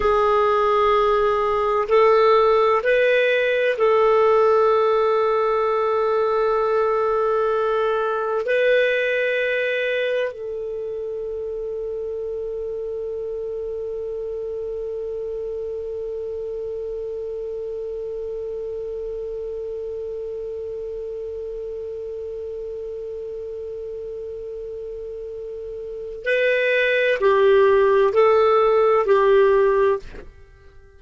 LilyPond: \new Staff \with { instrumentName = "clarinet" } { \time 4/4 \tempo 4 = 64 gis'2 a'4 b'4 | a'1~ | a'4 b'2 a'4~ | a'1~ |
a'1~ | a'1~ | a'1 | b'4 g'4 a'4 g'4 | }